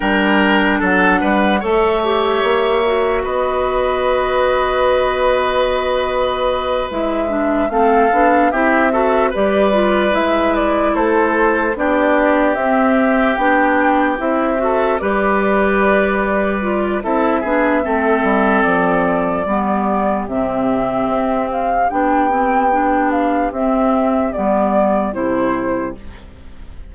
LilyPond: <<
  \new Staff \with { instrumentName = "flute" } { \time 4/4 \tempo 4 = 74 g''4 fis''4 e''2 | dis''1~ | dis''8 e''4 f''4 e''4 d''8~ | d''8 e''8 d''8 c''4 d''4 e''8~ |
e''8 g''4 e''4 d''4.~ | d''4 e''2 d''4~ | d''4 e''4. f''8 g''4~ | g''8 f''8 e''4 d''4 c''4 | }
  \new Staff \with { instrumentName = "oboe" } { \time 4/4 ais'4 a'8 b'8 cis''2 | b'1~ | b'4. a'4 g'8 a'8 b'8~ | b'4. a'4 g'4.~ |
g'2 a'8 b'4.~ | b'4 a'8 gis'8 a'2 | g'1~ | g'1 | }
  \new Staff \with { instrumentName = "clarinet" } { \time 4/4 d'2 a'8 g'4 fis'8~ | fis'1~ | fis'8 e'8 d'8 c'8 d'8 e'8 fis'8 g'8 | f'8 e'2 d'4 c'8~ |
c'8 d'4 e'8 fis'8 g'4.~ | g'8 f'8 e'8 d'8 c'2 | b4 c'2 d'8 c'8 | d'4 c'4 b4 e'4 | }
  \new Staff \with { instrumentName = "bassoon" } { \time 4/4 g4 fis8 g8 a4 ais4 | b1~ | b8 gis4 a8 b8 c'4 g8~ | g8 gis4 a4 b4 c'8~ |
c'8 b4 c'4 g4.~ | g4 c'8 b8 a8 g8 f4 | g4 c4 c'4 b4~ | b4 c'4 g4 c4 | }
>>